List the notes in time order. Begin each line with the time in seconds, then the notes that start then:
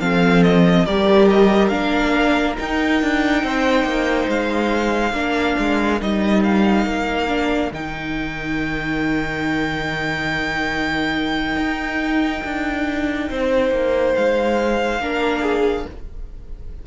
0.00 F3 C4 A4 F5
0.43 D#5
0.86 G3 G4 A#4 D5
1.30 D#5
1.68 A#3 D4 F5
2.56 D#4 G5
3.02 D4
3.43 C4 C5
3.84 A#3
4.28 G#3 F5
5.12 A#3 D4 A#4
5.59 G#3
6.01 G3 D#4 D#5
6.43 F5
6.85 A#3
7.28 D4
7.71 D#3 D#4 G5
11.56 D#4
12.44 D4
13.30 C4 C5
13.71 A#3
14.15 G#3 F5
15.00 A#3 D4 A#4
15.41 G#4